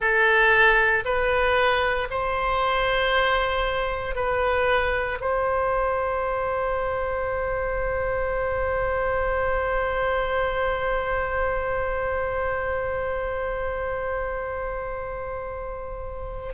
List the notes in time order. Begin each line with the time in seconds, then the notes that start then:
0.00 A4
1.04 B4
2.10 C5
4.15 B4
5.20 C5